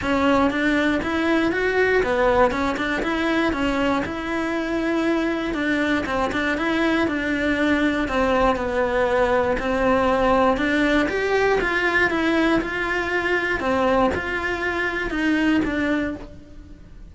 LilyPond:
\new Staff \with { instrumentName = "cello" } { \time 4/4 \tempo 4 = 119 cis'4 d'4 e'4 fis'4 | b4 cis'8 d'8 e'4 cis'4 | e'2. d'4 | c'8 d'8 e'4 d'2 |
c'4 b2 c'4~ | c'4 d'4 g'4 f'4 | e'4 f'2 c'4 | f'2 dis'4 d'4 | }